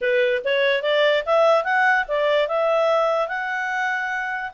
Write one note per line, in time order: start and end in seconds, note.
0.01 0.42 B4
0.44 0.82 C#5
0.82 1.23 D5
1.25 1.64 E5
1.64 2.05 F#5
2.08 2.48 D5
2.48 3.27 E5
3.27 4.51 F#5